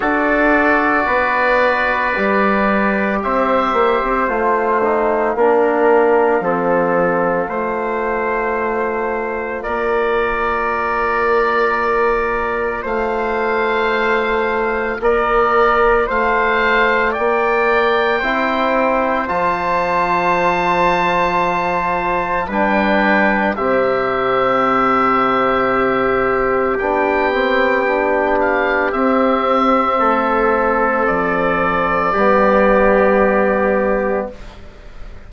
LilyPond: <<
  \new Staff \with { instrumentName = "oboe" } { \time 4/4 \tempo 4 = 56 d''2. e''4 | f''1~ | f''4 d''2. | f''2 d''4 f''4 |
g''2 a''2~ | a''4 g''4 e''2~ | e''4 g''4. f''8 e''4~ | e''4 d''2. | }
  \new Staff \with { instrumentName = "trumpet" } { \time 4/4 a'4 b'2 c''4~ | c''4 ais'4 a'4 c''4~ | c''4 ais'2. | c''2 ais'4 c''4 |
d''4 c''2.~ | c''4 b'4 g'2~ | g'1 | a'2 g'2 | }
  \new Staff \with { instrumentName = "trombone" } { \time 4/4 fis'2 g'2 | f'8 dis'8 d'4 c'4 f'4~ | f'1~ | f'1~ |
f'4 e'4 f'2~ | f'4 d'4 c'2~ | c'4 d'8 c'8 d'4 c'4~ | c'2 b2 | }
  \new Staff \with { instrumentName = "bassoon" } { \time 4/4 d'4 b4 g4 c'8 ais16 c'16 | a4 ais4 f4 a4~ | a4 ais2. | a2 ais4 a4 |
ais4 c'4 f2~ | f4 g4 c2~ | c4 b2 c'4 | a4 f4 g2 | }
>>